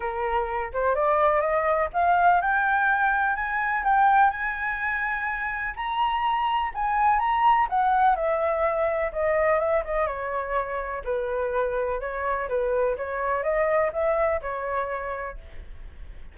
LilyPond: \new Staff \with { instrumentName = "flute" } { \time 4/4 \tempo 4 = 125 ais'4. c''8 d''4 dis''4 | f''4 g''2 gis''4 | g''4 gis''2. | ais''2 gis''4 ais''4 |
fis''4 e''2 dis''4 | e''8 dis''8 cis''2 b'4~ | b'4 cis''4 b'4 cis''4 | dis''4 e''4 cis''2 | }